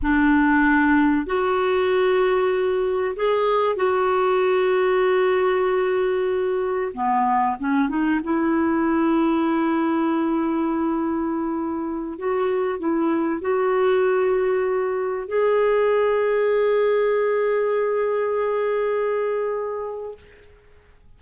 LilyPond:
\new Staff \with { instrumentName = "clarinet" } { \time 4/4 \tempo 4 = 95 d'2 fis'2~ | fis'4 gis'4 fis'2~ | fis'2. b4 | cis'8 dis'8 e'2.~ |
e'2.~ e'16 fis'8.~ | fis'16 e'4 fis'2~ fis'8.~ | fis'16 gis'2.~ gis'8.~ | gis'1 | }